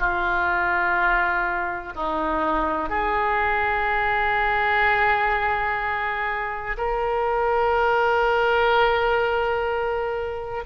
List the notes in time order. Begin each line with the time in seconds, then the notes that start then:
0.00 F4
1.96 D#4
2.90 G#4
6.78 A#4